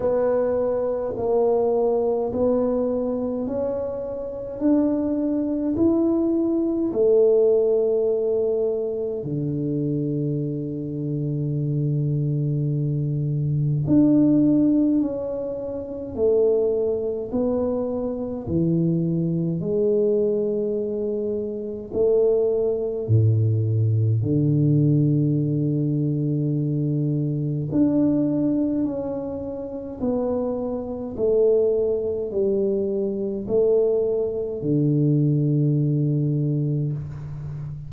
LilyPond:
\new Staff \with { instrumentName = "tuba" } { \time 4/4 \tempo 4 = 52 b4 ais4 b4 cis'4 | d'4 e'4 a2 | d1 | d'4 cis'4 a4 b4 |
e4 gis2 a4 | a,4 d2. | d'4 cis'4 b4 a4 | g4 a4 d2 | }